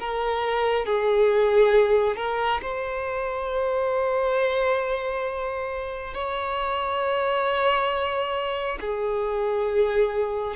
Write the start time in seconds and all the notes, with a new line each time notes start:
0.00 A#4
0.85 G#4
2.17 A#4
2.62 C5
6.14 C#5
8.81 G#4